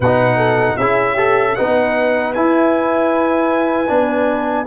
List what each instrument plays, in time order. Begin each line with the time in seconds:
0.00 tuba B2, trombone D#4, horn B4, trumpet F#5
0.36 horn A4
0.77 tuba C#4, trombone E4, horn G#4, trumpet E5
1.13 horn G4, trombone A4
1.55 tuba B3, trombone D#4, horn B4, trumpet F#5
2.33 trombone E4, tuba E4, trumpet G#5
3.87 tuba B3, trombone D4